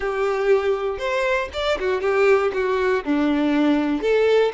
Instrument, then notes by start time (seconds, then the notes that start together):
violin
0.00 G4
0.98 C5
1.53 D5
1.79 F#4
2.01 G4
2.53 F#4
3.04 D4
4.01 A4